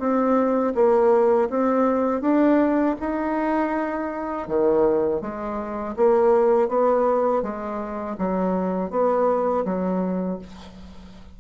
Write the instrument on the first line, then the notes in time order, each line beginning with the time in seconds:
bassoon
0.00 C4
0.75 A#3
1.50 C4
2.21 D4
3.00 D#4
4.48 D#3
5.22 G#3
5.97 A#3
6.69 B3
7.43 G#3
8.19 F#3
8.91 B3
9.65 F#3